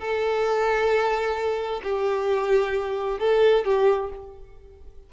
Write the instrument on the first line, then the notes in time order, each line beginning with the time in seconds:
violin
0.00 A4
1.83 G4
3.20 A4
3.65 G4